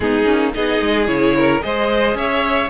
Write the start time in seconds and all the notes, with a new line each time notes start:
0.00 G#3 B3 D#4 G#4
0.24 A#3 C#4
0.54 B3 D#4 G#4 D#5
0.80 G#3
1.06 C#3 E4 C#5
1.36 A#4
1.61 G#3 G#4 C5 D#5
2.14 C#4 C#5 E5